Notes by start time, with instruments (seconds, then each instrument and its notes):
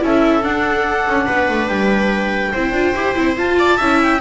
0.00 double bass C#4, viola E4 A4, clarinet E5
0.42 viola D4, double bass D4, clarinet F#5
1.07 double bass C#4
1.26 double bass B3, viola B4
1.49 double bass A3
1.68 double bass G3, clarinet G5
2.52 double bass C4, viola E4 C5
2.72 double bass D4, viola F4
2.94 double bass E4, viola G4
3.15 double bass C4, viola E4
3.36 viola F4, double bass F4, clarinet A5
3.59 viola D5
3.77 double bass C#4, viola E4 E5
4.02 clarinet G5